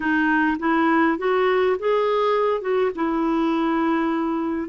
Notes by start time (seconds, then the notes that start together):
0.00 D#4
0.59 E4
1.18 F#4
1.79 G#4
2.61 F#4
2.95 E4